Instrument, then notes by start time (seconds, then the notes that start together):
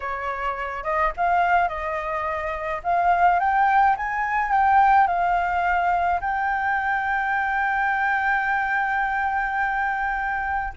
flute
0.00 C#5
0.83 D#5
1.16 F5
1.68 D#5
2.83 F5
3.39 G5
3.96 G#5
4.51 G5
5.07 F5
6.20 G5